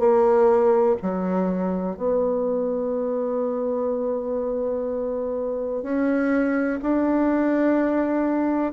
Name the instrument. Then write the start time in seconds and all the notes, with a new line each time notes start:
bassoon
0.00 A#3
1.02 F#3
1.97 B3
5.83 C#4
6.83 D4